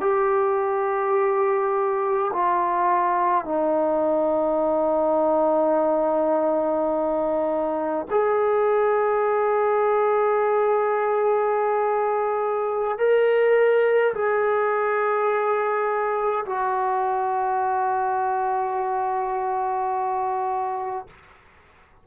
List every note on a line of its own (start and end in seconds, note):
0.00 2.31 G4
2.32 3.45 F4
3.45 8.06 D#4
8.10 12.98 G#4
12.98 14.13 A#4
14.14 16.45 G#4
16.45 21.06 F#4